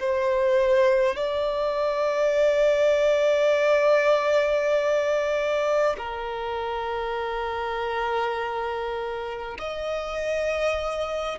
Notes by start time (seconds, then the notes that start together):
0.00 C5
1.16 D5
5.98 A#4
9.58 D#5